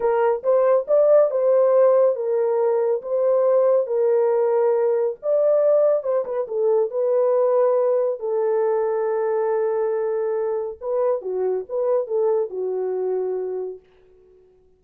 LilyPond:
\new Staff \with { instrumentName = "horn" } { \time 4/4 \tempo 4 = 139 ais'4 c''4 d''4 c''4~ | c''4 ais'2 c''4~ | c''4 ais'2. | d''2 c''8 b'8 a'4 |
b'2. a'4~ | a'1~ | a'4 b'4 fis'4 b'4 | a'4 fis'2. | }